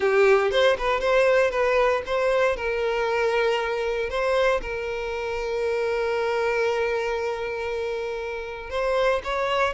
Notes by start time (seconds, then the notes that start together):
0.00 G4
0.51 C5
0.78 B4
1.00 C5
1.51 B4
2.06 C5
2.56 A#4
4.09 C5
4.61 A#4
8.70 C5
9.24 C#5